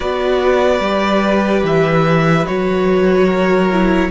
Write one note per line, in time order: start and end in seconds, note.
0.00 0.80 B3
0.00 0.81 F#4
0.00 3.26 B4
0.00 1.63 D5
0.80 1.62 G3
0.80 2.46 G4
1.63 2.45 E3
1.63 2.46 E5
2.46 4.10 F#3
2.46 3.69 F#4
2.46 4.10 C#5
3.26 4.08 A#4
3.72 4.10 E4